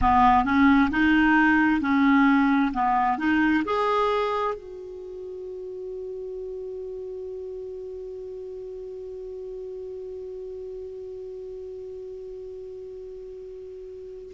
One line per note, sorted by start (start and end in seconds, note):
0.01 0.44 B3
0.44 0.89 C#4
0.90 1.81 D#4
1.81 2.71 C#4
2.73 3.18 B3
3.18 3.63 D#4
3.64 4.54 G#4
4.54 14.31 F#4